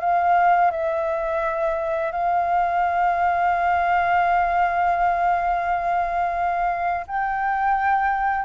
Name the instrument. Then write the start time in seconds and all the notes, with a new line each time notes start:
flute
0.00 F5
0.71 E5
2.12 F5
7.07 G5